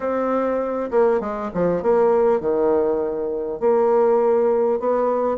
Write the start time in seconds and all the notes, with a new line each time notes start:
0.00 C4
0.90 A#3
1.20 G#3
1.54 F3
1.82 A#3
2.40 D#3
3.60 A#3
4.79 B3